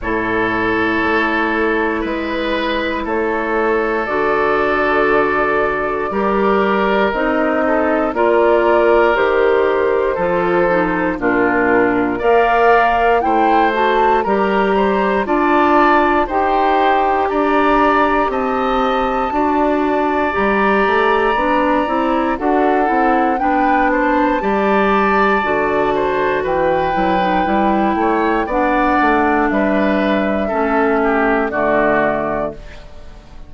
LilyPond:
<<
  \new Staff \with { instrumentName = "flute" } { \time 4/4 \tempo 4 = 59 cis''2 b'4 cis''4 | d''2. dis''4 | d''4 c''2 ais'4 | f''4 g''8 a''8 ais''4 a''4 |
g''4 ais''4 a''2 | ais''2 fis''4 g''8 a''8~ | a''2 g''2 | fis''4 e''2 d''4 | }
  \new Staff \with { instrumentName = "oboe" } { \time 4/4 a'2 b'4 a'4~ | a'2 ais'4. a'8 | ais'2 a'4 f'4 | d''4 c''4 ais'8 c''8 d''4 |
c''4 d''4 dis''4 d''4~ | d''2 a'4 b'8 c''8 | d''4. c''8 b'4. cis''8 | d''4 b'4 a'8 g'8 fis'4 | }
  \new Staff \with { instrumentName = "clarinet" } { \time 4/4 e'1 | fis'2 g'4 dis'4 | f'4 g'4 f'8 dis'8 d'4 | ais'4 e'8 fis'8 g'4 f'4 |
g'2. fis'4 | g'4 d'8 e'8 fis'8 e'8 d'4 | g'4 fis'4. e'16 dis'16 e'4 | d'2 cis'4 a4 | }
  \new Staff \with { instrumentName = "bassoon" } { \time 4/4 a,4 a4 gis4 a4 | d2 g4 c'4 | ais4 dis4 f4 ais,4 | ais4 a4 g4 d'4 |
dis'4 d'4 c'4 d'4 | g8 a8 b8 c'8 d'8 c'8 b4 | g4 d4 e8 fis8 g8 a8 | b8 a8 g4 a4 d4 | }
>>